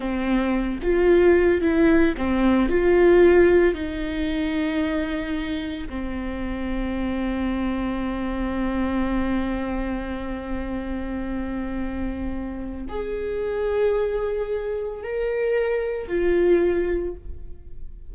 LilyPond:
\new Staff \with { instrumentName = "viola" } { \time 4/4 \tempo 4 = 112 c'4. f'4. e'4 | c'4 f'2 dis'4~ | dis'2. c'4~ | c'1~ |
c'1~ | c'1 | gis'1 | ais'2 f'2 | }